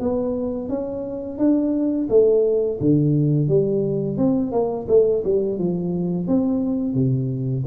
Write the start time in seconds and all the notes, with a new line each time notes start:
0.00 B3
0.69 C#4
1.38 D4
2.10 A3
2.80 D3
3.48 G3
4.18 C4
4.52 A#3
4.88 A3
5.24 G3
5.59 F3
6.28 C4
6.95 C3